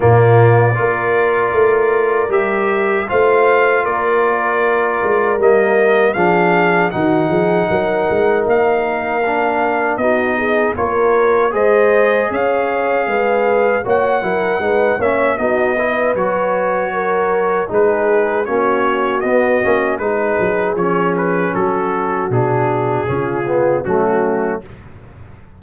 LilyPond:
<<
  \new Staff \with { instrumentName = "trumpet" } { \time 4/4 \tempo 4 = 78 d''2. e''4 | f''4 d''2 dis''4 | f''4 fis''2 f''4~ | f''4 dis''4 cis''4 dis''4 |
f''2 fis''4. e''8 | dis''4 cis''2 b'4 | cis''4 dis''4 b'4 cis''8 b'8 | a'4 gis'2 fis'4 | }
  \new Staff \with { instrumentName = "horn" } { \time 4/4 f'4 ais'2. | c''4 ais'2. | gis'4 fis'8 gis'8 ais'2~ | ais'4 fis'8 gis'8 ais'4 c''4 |
cis''4 b'4 cis''8 ais'8 b'8 cis''8 | fis'8 b'4. ais'4 gis'4 | fis'2 gis'2 | fis'2 f'4 cis'4 | }
  \new Staff \with { instrumentName = "trombone" } { \time 4/4 ais4 f'2 g'4 | f'2. ais4 | d'4 dis'2. | d'4 dis'4 f'4 gis'4~ |
gis'2 fis'8 e'8 dis'8 cis'8 | dis'8 e'8 fis'2 dis'4 | cis'4 b8 cis'8 dis'4 cis'4~ | cis'4 d'4 cis'8 b8 a4 | }
  \new Staff \with { instrumentName = "tuba" } { \time 4/4 ais,4 ais4 a4 g4 | a4 ais4. gis8 g4 | f4 dis8 f8 fis8 gis8 ais4~ | ais4 b4 ais4 gis4 |
cis'4 gis4 ais8 fis8 gis8 ais8 | b4 fis2 gis4 | ais4 b8 ais8 gis8 fis8 f4 | fis4 b,4 cis4 fis4 | }
>>